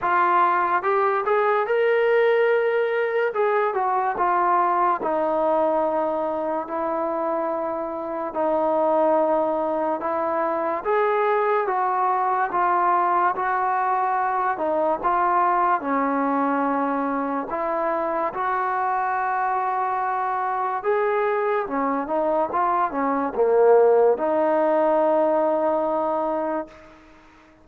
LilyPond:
\new Staff \with { instrumentName = "trombone" } { \time 4/4 \tempo 4 = 72 f'4 g'8 gis'8 ais'2 | gis'8 fis'8 f'4 dis'2 | e'2 dis'2 | e'4 gis'4 fis'4 f'4 |
fis'4. dis'8 f'4 cis'4~ | cis'4 e'4 fis'2~ | fis'4 gis'4 cis'8 dis'8 f'8 cis'8 | ais4 dis'2. | }